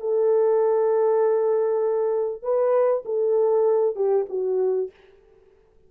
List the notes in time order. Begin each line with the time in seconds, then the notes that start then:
0.00 A4
2.42 B4
3.05 A4
3.95 G4
4.29 F#4